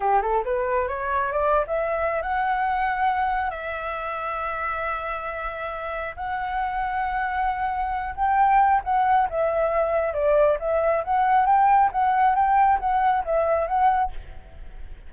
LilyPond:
\new Staff \with { instrumentName = "flute" } { \time 4/4 \tempo 4 = 136 g'8 a'8 b'4 cis''4 d''8. e''16~ | e''4 fis''2. | e''1~ | e''2 fis''2~ |
fis''2~ fis''8 g''4. | fis''4 e''2 d''4 | e''4 fis''4 g''4 fis''4 | g''4 fis''4 e''4 fis''4 | }